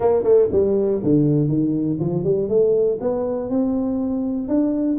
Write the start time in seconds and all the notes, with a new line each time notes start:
0.00 A#3
0.23 A3
0.51 G3
1.03 D3
1.48 D#3
2.00 F3
2.24 G3
2.48 A3
3.00 B3
3.49 C4
4.47 D4